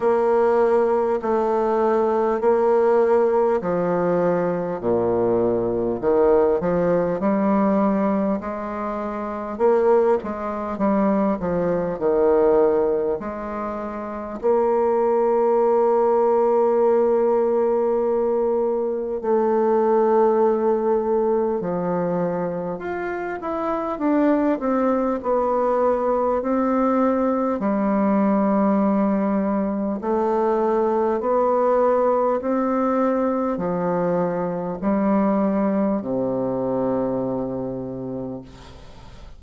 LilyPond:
\new Staff \with { instrumentName = "bassoon" } { \time 4/4 \tempo 4 = 50 ais4 a4 ais4 f4 | ais,4 dis8 f8 g4 gis4 | ais8 gis8 g8 f8 dis4 gis4 | ais1 |
a2 f4 f'8 e'8 | d'8 c'8 b4 c'4 g4~ | g4 a4 b4 c'4 | f4 g4 c2 | }